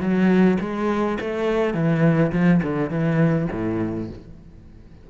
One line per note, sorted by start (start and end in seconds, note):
0.00 0.58 F#3
0.60 1.18 G#3
1.20 1.74 A3
1.74 2.32 E3
2.32 2.61 F3
2.63 2.90 D3
2.90 3.48 E3
3.52 4.09 A2